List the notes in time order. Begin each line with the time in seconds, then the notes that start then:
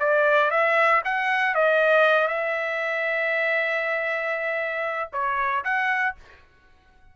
0.00 D5
0.51 E5
1.05 F#5
1.55 D#5
2.28 E5
5.13 C#5
5.64 F#5